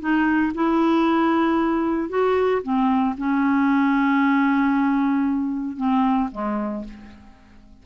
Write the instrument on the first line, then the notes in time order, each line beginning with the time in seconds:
clarinet
0.00 D#4
0.54 E4
2.10 F#4
2.63 C4
3.18 C#4
5.77 C4
6.32 G#3